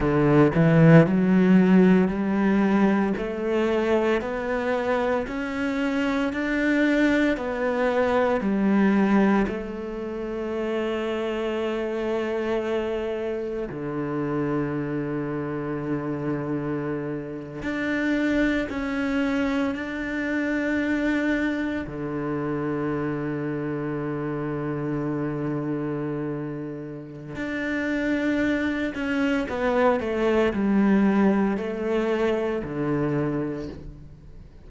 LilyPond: \new Staff \with { instrumentName = "cello" } { \time 4/4 \tempo 4 = 57 d8 e8 fis4 g4 a4 | b4 cis'4 d'4 b4 | g4 a2.~ | a4 d2.~ |
d8. d'4 cis'4 d'4~ d'16~ | d'8. d2.~ d16~ | d2 d'4. cis'8 | b8 a8 g4 a4 d4 | }